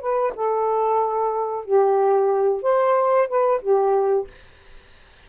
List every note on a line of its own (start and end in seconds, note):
0.00 0.33 B4
0.35 1.65 A4
1.65 2.62 G4
2.62 3.28 C5
3.28 3.61 B4
3.61 4.27 G4